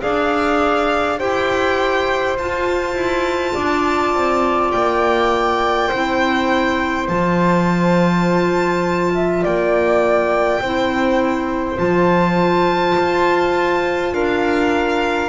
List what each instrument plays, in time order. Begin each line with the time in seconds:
0.00 double bass D4, clarinet G#4, flute D5, violin F5
1.19 double bass E4, clarinet G4, flute C5, violin G5
2.37 double bass F4, clarinet F4, violin A5
2.94 double bass E4
3.54 double bass D4, flute D5
4.14 double bass C4
4.72 double bass A#3, violin G5
5.88 double bass C4, clarinet E4, flute C5
7.09 double bass F3, clarinet F4, violin A5
9.14 flute E5
9.43 double bass A#3, flute D5, violin G5
10.61 double bass C4, clarinet E4, flute C5
11.76 double bass F3, clarinet F4, violin A5
12.98 double bass F4
14.13 double bass D4, flute A#4, violin F5